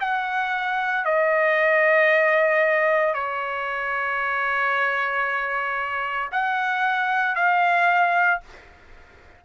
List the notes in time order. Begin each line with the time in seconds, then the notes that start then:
0.00 F#5
1.05 D#5
3.14 C#5
6.32 F#5
7.35 F5